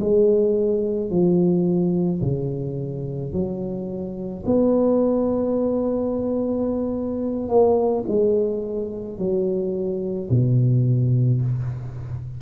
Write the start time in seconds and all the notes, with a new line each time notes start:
0.00 G#3
1.11 F3
2.22 C#3
3.33 F#3
4.46 B3
7.49 A#3
8.09 G#3
9.19 F#3
10.31 B2